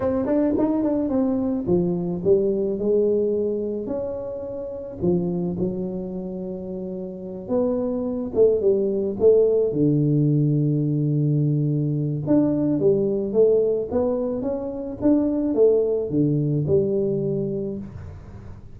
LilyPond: \new Staff \with { instrumentName = "tuba" } { \time 4/4 \tempo 4 = 108 c'8 d'8 dis'8 d'8 c'4 f4 | g4 gis2 cis'4~ | cis'4 f4 fis2~ | fis4. b4. a8 g8~ |
g8 a4 d2~ d8~ | d2 d'4 g4 | a4 b4 cis'4 d'4 | a4 d4 g2 | }